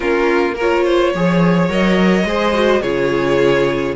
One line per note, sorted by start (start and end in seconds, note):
0.00 1.14 A#3
0.00 0.54 C#4
0.00 0.55 F4
0.00 0.56 A#4
0.55 1.15 F4
0.55 0.83 A#4
0.55 1.72 C#5
0.84 1.12 C5
1.14 1.69 F3
1.14 1.69 G#4
1.14 2.27 C#5
1.69 2.24 F#3
1.69 2.26 A#4
1.69 2.81 D#5
2.24 2.80 G#3
2.24 2.53 G#4
2.24 2.82 C5
2.53 2.81 F#4
2.81 3.96 C#3
2.81 3.96 F4
2.81 3.95 G#4
2.81 3.94 C#5